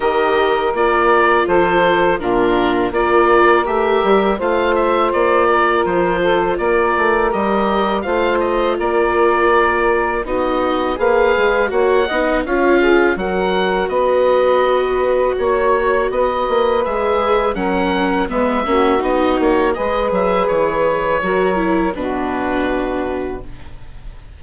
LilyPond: <<
  \new Staff \with { instrumentName = "oboe" } { \time 4/4 \tempo 4 = 82 dis''4 d''4 c''4 ais'4 | d''4 e''4 f''8 e''8 d''4 | c''4 d''4 dis''4 f''8 dis''8 | d''2 dis''4 f''4 |
fis''4 f''4 fis''4 dis''4~ | dis''4 cis''4 dis''4 e''4 | fis''4 e''4 dis''8 cis''8 dis''8 e''8 | cis''2 b'2 | }
  \new Staff \with { instrumentName = "saxophone" } { \time 4/4 ais'2 a'4 f'4 | ais'2 c''4. ais'8~ | ais'8 a'8 ais'2 c''4 | ais'2 fis'4 b'4 |
cis''8 dis''8 cis''8 gis'8 ais'4 b'4~ | b'4 cis''4 b'2 | ais'4 b'8 fis'4. b'4~ | b'4 ais'4 fis'2 | }
  \new Staff \with { instrumentName = "viola" } { \time 4/4 g'4 f'2 d'4 | f'4 g'4 f'2~ | f'2 g'4 f'4~ | f'2 dis'4 gis'4 |
fis'8 dis'8 f'4 fis'2~ | fis'2. gis'4 | cis'4 b8 cis'8 dis'4 gis'4~ | gis'4 fis'8 e'8 d'2 | }
  \new Staff \with { instrumentName = "bassoon" } { \time 4/4 dis4 ais4 f4 ais,4 | ais4 a8 g8 a4 ais4 | f4 ais8 a8 g4 a4 | ais2 b4 ais8 gis8 |
ais8 b8 cis'4 fis4 b4~ | b4 ais4 b8 ais8 gis4 | fis4 gis8 ais8 b8 ais8 gis8 fis8 | e4 fis4 b,2 | }
>>